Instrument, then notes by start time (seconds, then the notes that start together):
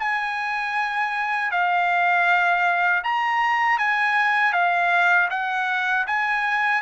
trumpet
0.00 G#5
1.51 F5
3.04 A#5
3.79 G#5
4.53 F5
5.30 F#5
6.07 G#5